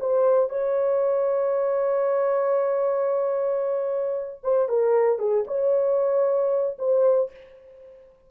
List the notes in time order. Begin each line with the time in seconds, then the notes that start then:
0.00 C5
0.50 C#5
4.43 C5
4.69 A#4
5.19 G#4
5.47 C#5
6.79 C5